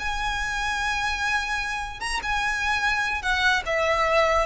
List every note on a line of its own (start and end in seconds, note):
0.00 2.00 G#5
2.00 2.21 A#5
2.23 3.22 G#5
3.22 3.63 F#5
3.66 4.47 E5